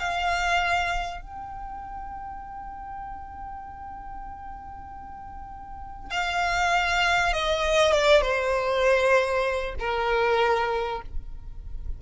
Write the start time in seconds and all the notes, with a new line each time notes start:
0.00 F5
1.22 G5
6.11 F5
7.33 D#5
7.93 D5
8.22 C5
9.80 A#4